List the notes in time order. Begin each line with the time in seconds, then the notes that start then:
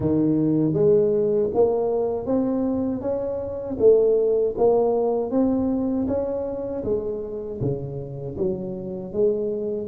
0.00 D#3
0.73 G#3
1.54 A#3
2.26 C4
3.01 C#4
3.79 A3
4.57 A#3
5.31 C4
6.07 C#4
6.84 G#3
7.61 C#3
8.37 F#3
9.12 G#3